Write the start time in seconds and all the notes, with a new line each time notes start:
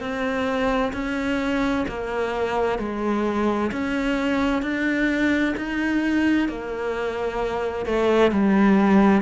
0.00 C4
0.93 C#4
1.88 A#3
2.79 G#3
3.72 C#4
4.62 D4
5.57 D#4
6.49 A#3
7.86 A3
8.31 G3